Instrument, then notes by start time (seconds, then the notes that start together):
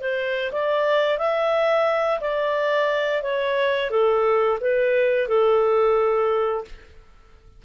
clarinet
0.00 C5
0.51 D5
1.17 E5
2.20 D5
3.22 C#5
3.90 A4
4.60 B4
5.27 A4